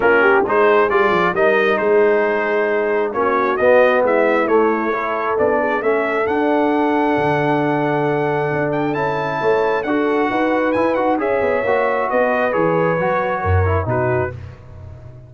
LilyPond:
<<
  \new Staff \with { instrumentName = "trumpet" } { \time 4/4 \tempo 4 = 134 ais'4 c''4 d''4 dis''4 | c''2. cis''4 | dis''4 e''4 cis''2 | d''4 e''4 fis''2~ |
fis''2.~ fis''8 g''8 | a''2 fis''2 | gis''8 fis''8 e''2 dis''4 | cis''2. b'4 | }
  \new Staff \with { instrumentName = "horn" } { \time 4/4 f'8 g'8 gis'2 ais'4 | gis'2. fis'4~ | fis'4 e'2 a'4~ | a'8 gis'8 a'2.~ |
a'1~ | a'4 cis''4 a'4 b'4~ | b'4 cis''2 b'4~ | b'2 ais'4 fis'4 | }
  \new Staff \with { instrumentName = "trombone" } { \time 4/4 cis'4 dis'4 f'4 dis'4~ | dis'2. cis'4 | b2 a4 e'4 | d'4 cis'4 d'2~ |
d'1 | e'2 fis'2 | e'8 fis'8 gis'4 fis'2 | gis'4 fis'4. e'8 dis'4 | }
  \new Staff \with { instrumentName = "tuba" } { \time 4/4 ais4 gis4 g8 f8 g4 | gis2. ais4 | b4 gis4 a2 | b4 a4 d'2 |
d2. d'4 | cis'4 a4 d'4 dis'4 | e'8 dis'8 cis'8 b8 ais4 b4 | e4 fis4 fis,4 b,4 | }
>>